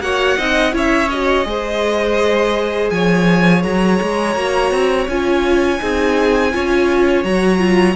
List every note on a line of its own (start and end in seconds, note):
0.00 0.36 A#3
0.00 0.38 F#4
0.00 0.37 C#5
0.00 0.74 F#5
0.37 0.73 C4
0.37 0.72 D#4
0.37 0.73 D#5
0.72 1.45 C#4
0.72 1.08 E4
0.72 1.47 C#5
0.72 1.09 E5
1.09 1.45 F#4
1.09 2.90 D#5
1.45 2.90 G#3
1.45 4.34 G#4
1.45 2.93 C5
2.90 3.64 F3
2.90 5.81 C#5
2.90 3.63 G#5
3.63 4.00 F#3
3.63 5.07 A#5
4.02 4.36 G#3
4.35 4.71 A#3
4.35 5.08 F#4
4.71 5.07 C4
5.08 5.80 C#4
5.08 5.80 F4
5.08 7.24 G#5
5.80 6.54 C4
5.80 6.52 D#4
5.80 6.53 G#4
6.52 7.24 C#4
6.52 7.25 F4
6.52 7.96 C#5
7.24 7.96 F#3
7.24 7.59 F#4
7.24 7.96 A#5
7.59 7.95 F4